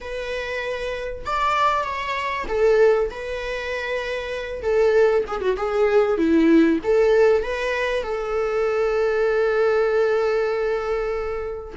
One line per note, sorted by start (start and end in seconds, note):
0.01 1.24 B4
1.25 1.84 D5
1.84 2.46 C#5
2.47 3.09 A4
3.10 4.62 B4
4.62 5.24 A4
5.27 5.41 G#4
5.41 5.56 F#4
5.57 6.17 G#4
6.17 6.79 E4
6.83 7.43 A4
7.43 8.03 B4
8.03 11.74 A4